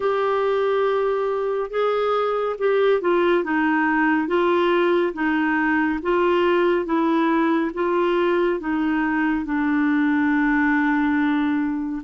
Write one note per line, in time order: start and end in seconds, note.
0.00 1.70 G4
1.70 2.56 G#4
2.58 3.01 G4
3.01 3.44 F4
3.44 4.27 D#4
4.27 5.13 F4
5.14 5.99 D#4
6.02 6.85 F4
6.85 7.71 E4
7.74 8.59 F4
8.59 9.45 D#4
9.45 12.02 D4